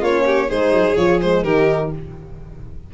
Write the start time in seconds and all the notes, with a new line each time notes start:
0.00 A#3 C#4 F4 C#5
0.25 G4
0.48 G#3 D#4 G#4 C5
0.71 F#3
0.96 F3 F4 C#5
1.21 G#3 C5
1.42 D#3 D#4 G4 A#4